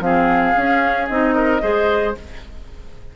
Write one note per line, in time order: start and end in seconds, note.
0.00 0.54 F3
0.00 0.55 C4
0.00 1.35 G#4
0.00 1.08 F5
0.55 1.09 C#4
0.55 1.10 C#4
1.08 1.62 C4
1.08 1.61 D#4
1.08 2.15 D#5
1.35 1.62 A#4
1.61 2.16 G#3
1.61 2.15 G#4
1.61 2.16 C5